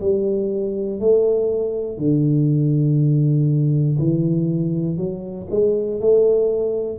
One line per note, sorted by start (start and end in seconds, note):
0.00 1.00 G3
1.00 1.97 A3
1.97 3.97 D3
3.98 4.96 E3
4.96 5.46 F#3
5.50 6.00 G#3
6.00 6.98 A3